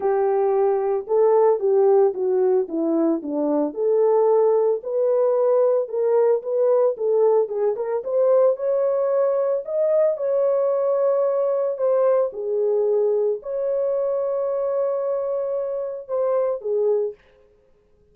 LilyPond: \new Staff \with { instrumentName = "horn" } { \time 4/4 \tempo 4 = 112 g'2 a'4 g'4 | fis'4 e'4 d'4 a'4~ | a'4 b'2 ais'4 | b'4 a'4 gis'8 ais'8 c''4 |
cis''2 dis''4 cis''4~ | cis''2 c''4 gis'4~ | gis'4 cis''2.~ | cis''2 c''4 gis'4 | }